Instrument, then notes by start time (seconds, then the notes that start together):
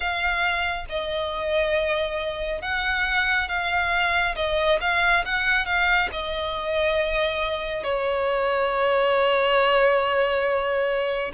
violin
0.00 F5
0.89 D#5
2.61 F#5
3.48 F5
4.35 D#5
4.81 F5
5.25 F#5
5.65 F5
6.11 D#5
7.83 C#5